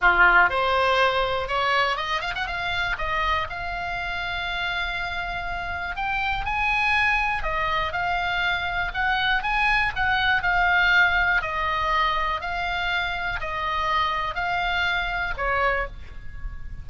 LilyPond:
\new Staff \with { instrumentName = "oboe" } { \time 4/4 \tempo 4 = 121 f'4 c''2 cis''4 | dis''8 f''16 fis''16 f''4 dis''4 f''4~ | f''1 | g''4 gis''2 dis''4 |
f''2 fis''4 gis''4 | fis''4 f''2 dis''4~ | dis''4 f''2 dis''4~ | dis''4 f''2 cis''4 | }